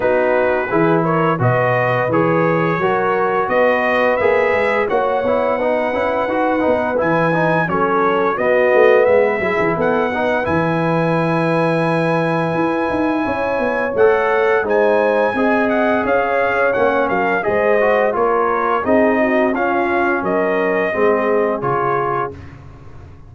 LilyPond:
<<
  \new Staff \with { instrumentName = "trumpet" } { \time 4/4 \tempo 4 = 86 b'4. cis''8 dis''4 cis''4~ | cis''4 dis''4 e''4 fis''4~ | fis''2 gis''4 cis''4 | dis''4 e''4 fis''4 gis''4~ |
gis''1 | fis''4 gis''4. fis''8 f''4 | fis''8 f''8 dis''4 cis''4 dis''4 | f''4 dis''2 cis''4 | }
  \new Staff \with { instrumentName = "horn" } { \time 4/4 fis'4 gis'8 ais'8 b'2 | ais'4 b'2 cis''4 | b'2. a'4 | fis'4 b'8 gis'8 a'8 b'4.~ |
b'2. cis''4~ | cis''4 c''4 dis''4 cis''4~ | cis''8 ais'8 c''4 ais'4 gis'8 fis'8 | f'4 ais'4 gis'2 | }
  \new Staff \with { instrumentName = "trombone" } { \time 4/4 dis'4 e'4 fis'4 gis'4 | fis'2 gis'4 fis'8 e'8 | dis'8 e'8 fis'8 dis'8 e'8 dis'8 cis'4 | b4. e'4 dis'8 e'4~ |
e'1 | a'4 dis'4 gis'2 | cis'4 gis'8 fis'8 f'4 dis'4 | cis'2 c'4 f'4 | }
  \new Staff \with { instrumentName = "tuba" } { \time 4/4 b4 e4 b,4 e4 | fis4 b4 ais8 gis8 ais8 b8~ | b8 cis'8 dis'8 b8 e4 fis4 | b8 a8 gis8 fis16 e16 b4 e4~ |
e2 e'8 dis'8 cis'8 b8 | a4 gis4 c'4 cis'4 | ais8 fis8 gis4 ais4 c'4 | cis'4 fis4 gis4 cis4 | }
>>